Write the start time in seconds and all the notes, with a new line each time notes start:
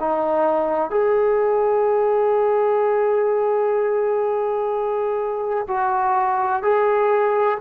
0.00 D#4
0.90 G#4
5.68 F#4
6.63 G#4